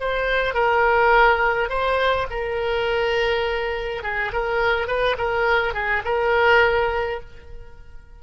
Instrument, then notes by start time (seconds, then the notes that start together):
oboe
0.00 C5
0.54 A#4
1.69 C5
2.30 A#4
4.03 G#4
4.32 A#4
4.87 B4
5.17 A#4
5.74 G#4
6.04 A#4